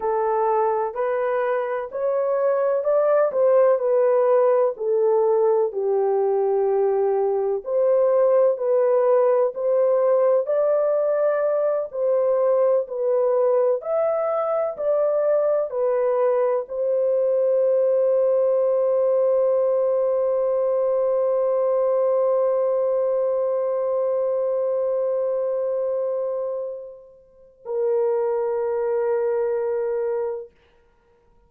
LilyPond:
\new Staff \with { instrumentName = "horn" } { \time 4/4 \tempo 4 = 63 a'4 b'4 cis''4 d''8 c''8 | b'4 a'4 g'2 | c''4 b'4 c''4 d''4~ | d''8 c''4 b'4 e''4 d''8~ |
d''8 b'4 c''2~ c''8~ | c''1~ | c''1~ | c''4 ais'2. | }